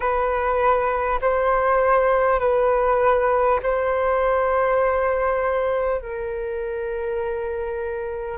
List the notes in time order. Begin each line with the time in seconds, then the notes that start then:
0.00 B4
1.21 C5
2.39 B4
3.63 C5
6.01 A#4